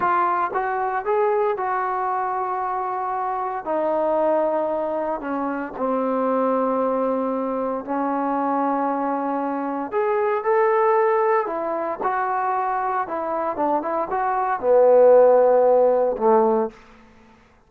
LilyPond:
\new Staff \with { instrumentName = "trombone" } { \time 4/4 \tempo 4 = 115 f'4 fis'4 gis'4 fis'4~ | fis'2. dis'4~ | dis'2 cis'4 c'4~ | c'2. cis'4~ |
cis'2. gis'4 | a'2 e'4 fis'4~ | fis'4 e'4 d'8 e'8 fis'4 | b2. a4 | }